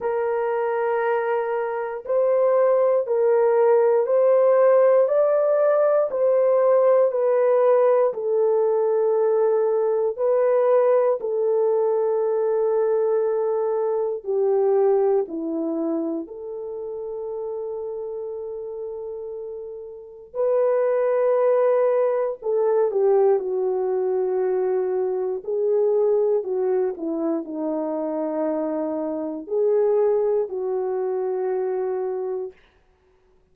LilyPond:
\new Staff \with { instrumentName = "horn" } { \time 4/4 \tempo 4 = 59 ais'2 c''4 ais'4 | c''4 d''4 c''4 b'4 | a'2 b'4 a'4~ | a'2 g'4 e'4 |
a'1 | b'2 a'8 g'8 fis'4~ | fis'4 gis'4 fis'8 e'8 dis'4~ | dis'4 gis'4 fis'2 | }